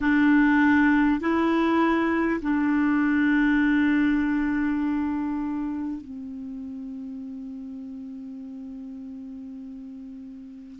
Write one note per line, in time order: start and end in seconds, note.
0.00 1.20 D4
1.20 2.40 E4
2.41 6.01 D4
6.01 10.79 C4